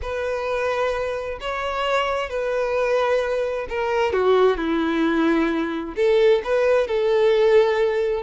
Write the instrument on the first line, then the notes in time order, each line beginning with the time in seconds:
violin
0.01 B4
1.40 C#5
2.29 B4
3.69 A#4
4.12 F#4
4.57 E4
5.96 A4
6.44 B4
6.87 A4